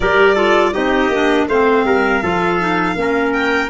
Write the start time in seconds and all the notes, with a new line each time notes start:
0.00 G3 G4 A#4 D5
0.35 F4 A4
0.73 C4 D#4 G4 D#5
1.09 A#3 D4
1.48 A3 C4 C5 F5
1.84 G3 A#4
2.22 F3 F4 A4
2.60 D#4
2.94 A#3 C#4 A#4
3.32 G5